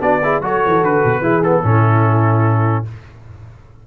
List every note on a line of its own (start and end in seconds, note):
0.00 0.41 B3
0.00 0.20 D4
0.00 0.22 F#4
0.00 0.42 D5
0.23 0.42 E4
0.23 0.43 G#4
0.41 0.61 F#3
0.41 1.23 F#4
0.41 1.23 A4
0.41 0.84 C#5
0.66 0.83 E3
0.83 1.03 D3
0.83 1.44 B4
1.05 1.21 B2
1.21 1.62 E3
1.21 1.43 E4
1.21 1.63 G#4
1.43 1.64 B3
1.43 2.85 A4
1.64 2.85 A2
1.64 2.85 C#4
1.64 2.87 E4